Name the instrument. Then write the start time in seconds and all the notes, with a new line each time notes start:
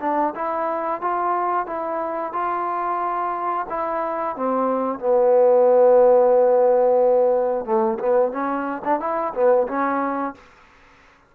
trombone
0.00 D4
0.35 E4
1.01 F4
1.66 E4
2.32 F4
3.69 E4
4.35 C4
4.98 B3
7.65 A3
7.99 B3
8.32 C#4
8.84 D4
8.99 E4
9.33 B3
9.67 C#4